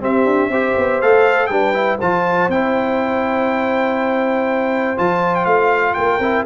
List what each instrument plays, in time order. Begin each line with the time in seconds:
0.00 trombone C4, tuba C4, horn G4, trumpet E5
0.25 tuba D4
0.49 tuba C4, trombone G4, horn C5
0.77 tuba B3
1.01 tuba A3, trombone A4, trumpet F5
1.46 tuba G3, trombone D4, horn B4, trumpet G5
1.74 trombone E4
1.99 tuba F3, trombone F4, horn C5, trumpet A5
2.48 tuba C4, trombone E4, trumpet G5
4.97 tuba F3, trombone F4, trumpet A5
5.35 trumpet G5
5.45 tuba A3, trumpet F5
5.94 tuba A#3, horn A#4, trumpet G5
6.19 tuba C4, trombone E4